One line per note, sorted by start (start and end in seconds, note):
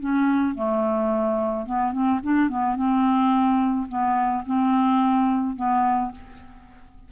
0.00 0.55 C#4
0.55 1.66 A3
1.66 1.92 B3
1.92 2.20 C4
2.23 2.49 D4
2.49 2.76 B3
2.76 3.87 C4
3.88 4.44 B3
4.46 5.56 C4
5.56 6.11 B3